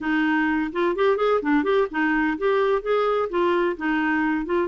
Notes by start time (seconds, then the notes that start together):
0.00 D#4
0.72 F4
0.95 G4
1.17 G#4
1.42 D4
1.63 G4
1.90 D#4
2.37 G4
2.82 G#4
3.29 F4
3.76 D#4
4.45 F4